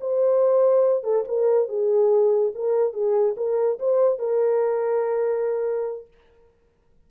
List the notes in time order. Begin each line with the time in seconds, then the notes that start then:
0.00 C5
1.03 A4
1.28 A#4
1.68 G#4
2.55 A#4
2.93 G#4
3.37 A#4
3.79 C5
4.19 A#4